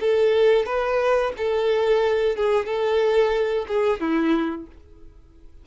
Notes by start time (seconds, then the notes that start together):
0.00 A4
0.65 B4
1.37 A4
2.36 G#4
2.65 A4
3.67 G#4
4.00 E4